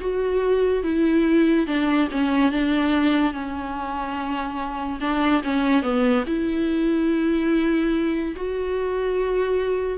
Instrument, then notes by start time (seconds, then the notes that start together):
viola
0.00 F#4
0.83 E4
1.67 D4
2.11 C#4
2.51 D4
3.33 C#4
5.00 D4
5.43 C#4
5.82 B3
6.27 E4
8.36 F#4